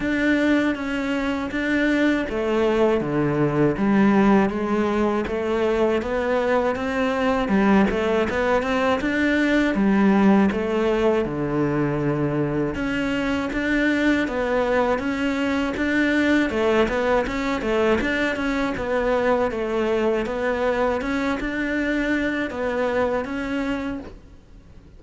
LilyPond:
\new Staff \with { instrumentName = "cello" } { \time 4/4 \tempo 4 = 80 d'4 cis'4 d'4 a4 | d4 g4 gis4 a4 | b4 c'4 g8 a8 b8 c'8 | d'4 g4 a4 d4~ |
d4 cis'4 d'4 b4 | cis'4 d'4 a8 b8 cis'8 a8 | d'8 cis'8 b4 a4 b4 | cis'8 d'4. b4 cis'4 | }